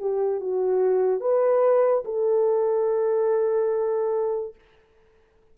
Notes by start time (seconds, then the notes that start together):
0.00 G4
0.41 F#4
1.20 B4
2.05 A4